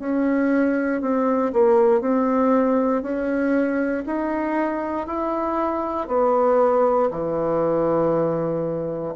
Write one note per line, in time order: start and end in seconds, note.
0.00 1.02 C#4
1.02 1.53 C4
1.53 2.02 A#3
2.02 3.03 C4
3.03 4.04 C#4
4.06 5.07 D#4
5.07 6.08 E4
6.08 7.10 B3
7.11 9.15 E3